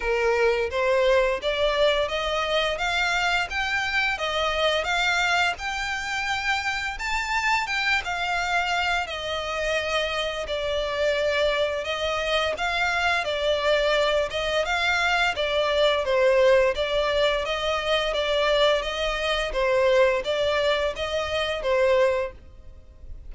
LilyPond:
\new Staff \with { instrumentName = "violin" } { \time 4/4 \tempo 4 = 86 ais'4 c''4 d''4 dis''4 | f''4 g''4 dis''4 f''4 | g''2 a''4 g''8 f''8~ | f''4 dis''2 d''4~ |
d''4 dis''4 f''4 d''4~ | d''8 dis''8 f''4 d''4 c''4 | d''4 dis''4 d''4 dis''4 | c''4 d''4 dis''4 c''4 | }